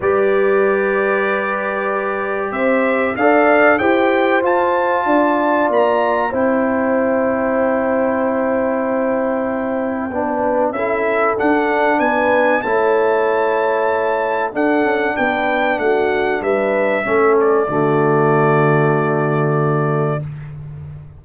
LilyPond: <<
  \new Staff \with { instrumentName = "trumpet" } { \time 4/4 \tempo 4 = 95 d''1 | e''4 f''4 g''4 a''4~ | a''4 ais''4 g''2~ | g''1~ |
g''4 e''4 fis''4 gis''4 | a''2. fis''4 | g''4 fis''4 e''4. d''8~ | d''1 | }
  \new Staff \with { instrumentName = "horn" } { \time 4/4 b'1 | c''4 d''4 c''2 | d''2 c''2~ | c''1 |
b'4 a'2 b'4 | cis''2. a'4 | b'4 fis'4 b'4 a'4 | fis'1 | }
  \new Staff \with { instrumentName = "trombone" } { \time 4/4 g'1~ | g'4 a'4 g'4 f'4~ | f'2 e'2~ | e'1 |
d'4 e'4 d'2 | e'2. d'4~ | d'2. cis'4 | a1 | }
  \new Staff \with { instrumentName = "tuba" } { \time 4/4 g1 | c'4 d'4 e'4 f'4 | d'4 ais4 c'2~ | c'1 |
b4 cis'4 d'4 b4 | a2. d'8 cis'8 | b4 a4 g4 a4 | d1 | }
>>